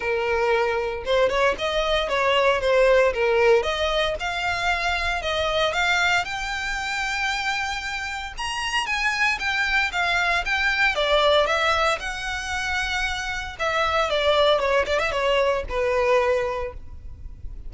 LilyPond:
\new Staff \with { instrumentName = "violin" } { \time 4/4 \tempo 4 = 115 ais'2 c''8 cis''8 dis''4 | cis''4 c''4 ais'4 dis''4 | f''2 dis''4 f''4 | g''1 |
ais''4 gis''4 g''4 f''4 | g''4 d''4 e''4 fis''4~ | fis''2 e''4 d''4 | cis''8 d''16 e''16 cis''4 b'2 | }